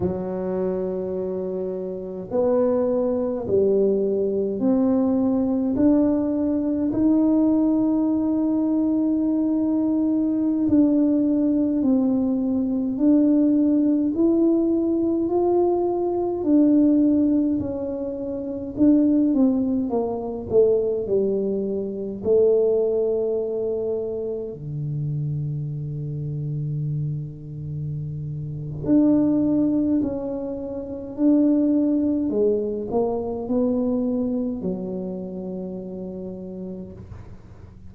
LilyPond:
\new Staff \with { instrumentName = "tuba" } { \time 4/4 \tempo 4 = 52 fis2 b4 g4 | c'4 d'4 dis'2~ | dis'4~ dis'16 d'4 c'4 d'8.~ | d'16 e'4 f'4 d'4 cis'8.~ |
cis'16 d'8 c'8 ais8 a8 g4 a8.~ | a4~ a16 d2~ d8.~ | d4 d'4 cis'4 d'4 | gis8 ais8 b4 fis2 | }